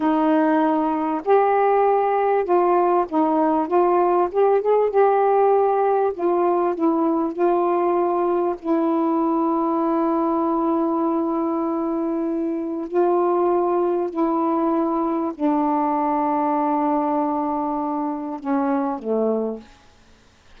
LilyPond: \new Staff \with { instrumentName = "saxophone" } { \time 4/4 \tempo 4 = 98 dis'2 g'2 | f'4 dis'4 f'4 g'8 gis'8 | g'2 f'4 e'4 | f'2 e'2~ |
e'1~ | e'4 f'2 e'4~ | e'4 d'2.~ | d'2 cis'4 a4 | }